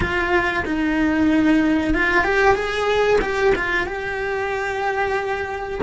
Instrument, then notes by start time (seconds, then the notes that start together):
cello
0.00 F4
0.65 D#4
1.94 F4
2.24 G4
2.55 G#4
3.21 G4
3.55 F4
3.86 G4